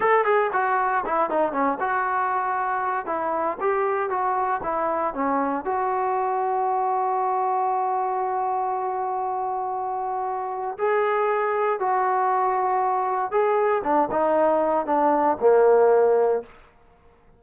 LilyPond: \new Staff \with { instrumentName = "trombone" } { \time 4/4 \tempo 4 = 117 a'8 gis'8 fis'4 e'8 dis'8 cis'8 fis'8~ | fis'2 e'4 g'4 | fis'4 e'4 cis'4 fis'4~ | fis'1~ |
fis'1~ | fis'4 gis'2 fis'4~ | fis'2 gis'4 d'8 dis'8~ | dis'4 d'4 ais2 | }